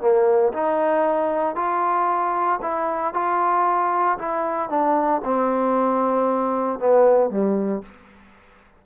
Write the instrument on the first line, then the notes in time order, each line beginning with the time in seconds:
trombone
0.00 A#3
0.52 D#4
1.55 F4
2.61 E4
3.14 F4
4.18 E4
4.69 D4
5.24 C4
6.79 B3
7.30 G3